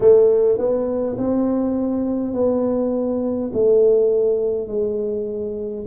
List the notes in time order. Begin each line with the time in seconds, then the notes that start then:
0.00 A3
0.58 B3
1.17 C4
2.33 B3
3.53 A3
4.67 G#3